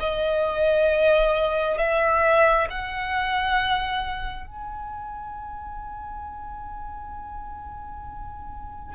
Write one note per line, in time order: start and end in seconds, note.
0.00 1.78 D#5
1.78 2.68 E5
2.70 4.47 F#5
4.47 8.95 G#5